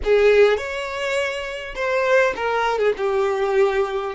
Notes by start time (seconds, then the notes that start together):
0.03 G#4
0.57 C#5
1.75 C5
2.35 A#4
2.78 G#4
2.97 G4